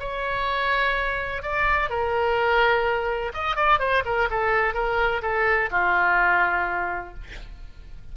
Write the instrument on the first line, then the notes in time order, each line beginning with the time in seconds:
oboe
0.00 C#5
1.43 D5
1.90 A#4
3.34 D#5
3.56 D5
3.80 C5
4.05 A#4
4.31 A4
4.74 A#4
5.23 A4
5.71 F4